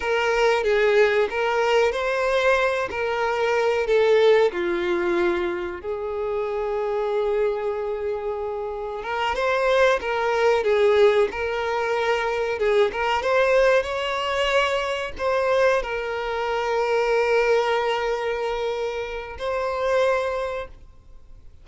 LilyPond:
\new Staff \with { instrumentName = "violin" } { \time 4/4 \tempo 4 = 93 ais'4 gis'4 ais'4 c''4~ | c''8 ais'4. a'4 f'4~ | f'4 gis'2.~ | gis'2 ais'8 c''4 ais'8~ |
ais'8 gis'4 ais'2 gis'8 | ais'8 c''4 cis''2 c''8~ | c''8 ais'2.~ ais'8~ | ais'2 c''2 | }